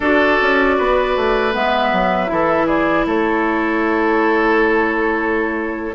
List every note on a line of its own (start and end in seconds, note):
0.00 0.38 D4
0.00 1.52 F#4
0.00 0.76 A4
0.00 1.54 D5
0.41 0.79 C#4
0.77 1.16 B3
0.77 2.31 B4
1.16 1.55 A3
1.52 1.92 G#3
1.52 2.26 B3
1.52 2.67 E5
1.92 2.30 F#3
2.26 3.05 E3
2.26 5.92 E4
2.26 2.66 A4
2.66 3.05 G#4
2.66 3.06 D5
3.05 5.94 A3
3.05 5.94 A4
3.05 5.94 C#5